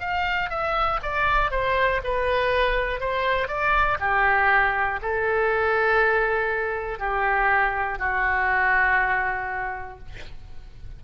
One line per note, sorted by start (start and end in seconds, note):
0.00 0.50 F5
0.50 1.00 E5
1.03 1.51 D5
1.51 2.01 C5
2.04 3.00 B4
3.00 3.48 C5
3.48 3.98 D5
4.00 5.00 G4
5.02 6.99 A4
6.99 7.99 G4
7.99 9.99 F#4